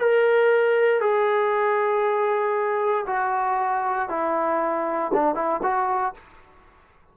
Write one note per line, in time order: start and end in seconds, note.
0.00 1.00 A#4
1.00 3.06 G#4
3.07 4.09 F#4
4.09 5.12 E4
5.14 5.35 D4
5.35 5.61 E4
5.63 6.14 F#4